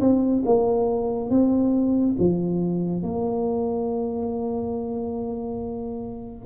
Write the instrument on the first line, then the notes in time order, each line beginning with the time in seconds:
tuba
0.00 C4
0.45 A#3
1.30 C4
2.19 F3
3.02 A#3